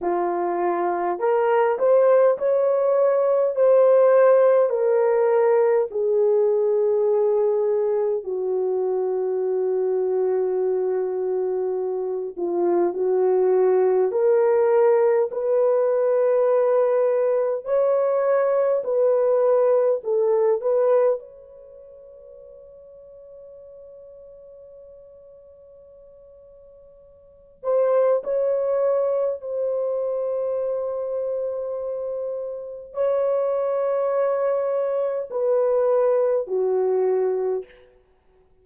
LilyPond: \new Staff \with { instrumentName = "horn" } { \time 4/4 \tempo 4 = 51 f'4 ais'8 c''8 cis''4 c''4 | ais'4 gis'2 fis'4~ | fis'2~ fis'8 f'8 fis'4 | ais'4 b'2 cis''4 |
b'4 a'8 b'8 cis''2~ | cis''2.~ cis''8 c''8 | cis''4 c''2. | cis''2 b'4 fis'4 | }